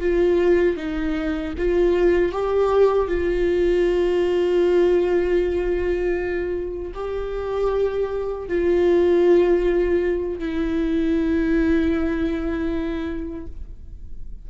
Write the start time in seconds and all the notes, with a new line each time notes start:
0.00 F4
0.77 D#4
1.58 F4
2.32 G4
3.08 F4
6.94 G4
8.48 F4
10.39 E4